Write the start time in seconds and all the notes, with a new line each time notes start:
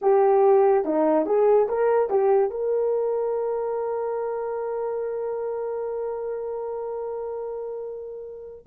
0.01 G4
0.84 D#4
1.26 G#4
1.68 A#4
2.09 G4
2.50 A#4